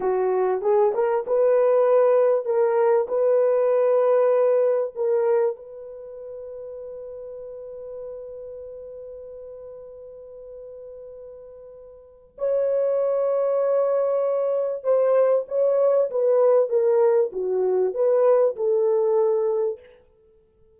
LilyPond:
\new Staff \with { instrumentName = "horn" } { \time 4/4 \tempo 4 = 97 fis'4 gis'8 ais'8 b'2 | ais'4 b'2. | ais'4 b'2.~ | b'1~ |
b'1 | cis''1 | c''4 cis''4 b'4 ais'4 | fis'4 b'4 a'2 | }